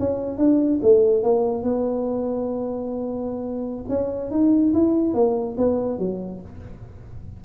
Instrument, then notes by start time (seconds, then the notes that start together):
tuba
0.00 C#4
0.38 D4
0.83 A3
1.23 A#3
1.64 B3
3.89 C#4
4.31 D#4
4.74 E4
5.14 A#3
5.58 B3
5.99 F#3